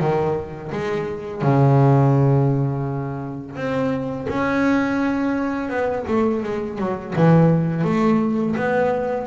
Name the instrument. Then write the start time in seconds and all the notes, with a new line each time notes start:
double bass
0.00 D#3
0.72 G#3
1.42 C#3
3.56 C4
4.29 C#4
5.69 B3
6.08 A3
6.43 G#3
6.79 F#3
7.16 E3
7.84 A3
8.56 B3